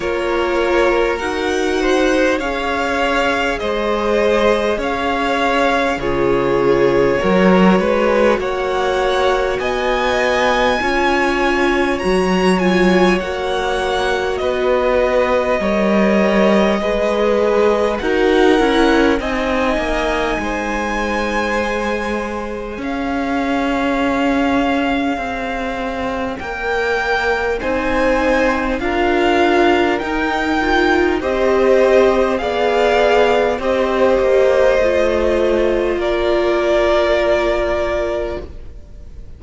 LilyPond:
<<
  \new Staff \with { instrumentName = "violin" } { \time 4/4 \tempo 4 = 50 cis''4 fis''4 f''4 dis''4 | f''4 cis''2 fis''4 | gis''2 ais''8 gis''8 fis''4 | dis''2. fis''4 |
gis''2. f''4~ | f''2 g''4 gis''4 | f''4 g''4 dis''4 f''4 | dis''2 d''2 | }
  \new Staff \with { instrumentName = "violin" } { \time 4/4 ais'4. c''8 cis''4 c''4 | cis''4 gis'4 ais'8 b'8 cis''4 | dis''4 cis''2. | b'4 cis''4 b'4 ais'4 |
dis''4 c''2 cis''4~ | cis''2. c''4 | ais'2 c''4 d''4 | c''2 ais'2 | }
  \new Staff \with { instrumentName = "viola" } { \time 4/4 f'4 fis'4 gis'2~ | gis'4 f'4 fis'2~ | fis'4 f'4 fis'8 f'8 fis'4~ | fis'4 ais'4 gis'4 fis'8 e'8 |
dis'2 gis'2~ | gis'2 ais'4 dis'4 | f'4 dis'8 f'8 g'4 gis'4 | g'4 f'2. | }
  \new Staff \with { instrumentName = "cello" } { \time 4/4 ais4 dis'4 cis'4 gis4 | cis'4 cis4 fis8 gis8 ais4 | b4 cis'4 fis4 ais4 | b4 g4 gis4 dis'8 cis'8 |
c'8 ais8 gis2 cis'4~ | cis'4 c'4 ais4 c'4 | d'4 dis'4 c'4 b4 | c'8 ais8 a4 ais2 | }
>>